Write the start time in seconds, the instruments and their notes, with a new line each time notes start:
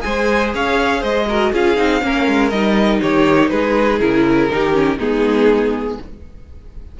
0.00 cello G#3, viola G#4, violin C5 G#5
0.54 cello C#4, violin C#5 F5
1.00 cello G#3, violin C5 D#5
1.28 viola F#4, violin A#4
1.51 cello C#4, viola F4, violin G#4 F5
1.76 cello C4, viola D#4
2.00 cello A#3, viola C#4, violin A#4
2.27 cello G#3
2.49 cello G3, viola D#4, violin D#5
3.00 cello D#3, violin G4 C#5
3.49 cello G#3, violin G#4 B4
4.00 cello C#3, viola E4, violin A#4
4.50 cello D#3, viola D#4, violin G4
4.73 viola C#4
4.98 cello G#3, viola B3, violin D#4 G#4